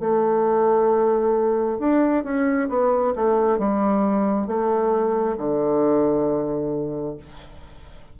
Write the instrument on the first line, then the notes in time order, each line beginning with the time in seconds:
bassoon
0.00 A3
1.79 D4
2.24 C#4
2.69 B3
3.15 A3
3.59 G3
4.47 A3
5.38 D3